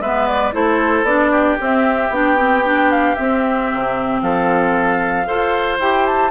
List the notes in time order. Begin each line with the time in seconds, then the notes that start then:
0.00 G#3 B3 B4 E5
0.27 D5
0.52 A3 E4 A4 C5
1.03 B3 D4 D5
1.31 G4
1.59 C4 E5
2.10 B3 D4 G5
2.37 C4
2.64 D4
2.91 F5
3.15 C4 E5
3.73 C3
4.21 F3 A4 F5
5.25 F4 A4 C5
5.79 E4 G4 G5
6.06 A5